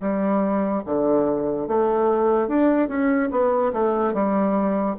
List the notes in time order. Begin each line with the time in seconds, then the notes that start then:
0.00 G3
0.85 D3
1.67 A3
2.48 D4
2.88 C#4
3.31 B3
3.72 A3
4.13 G3